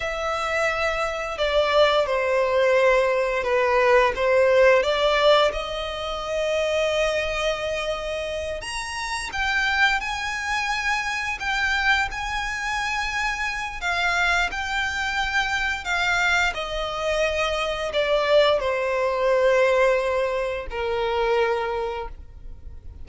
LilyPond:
\new Staff \with { instrumentName = "violin" } { \time 4/4 \tempo 4 = 87 e''2 d''4 c''4~ | c''4 b'4 c''4 d''4 | dis''1~ | dis''8 ais''4 g''4 gis''4.~ |
gis''8 g''4 gis''2~ gis''8 | f''4 g''2 f''4 | dis''2 d''4 c''4~ | c''2 ais'2 | }